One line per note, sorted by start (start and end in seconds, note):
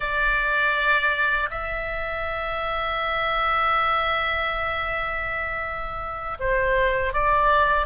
0.00 1.49 D5
1.50 6.38 E5
6.40 7.13 C5
7.13 7.86 D5